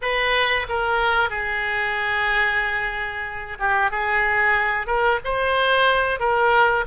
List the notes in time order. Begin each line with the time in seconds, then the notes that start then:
0.01 B4
0.68 A#4
1.29 G#4
3.59 G4
3.90 G#4
4.86 A#4
5.24 C5
6.19 A#4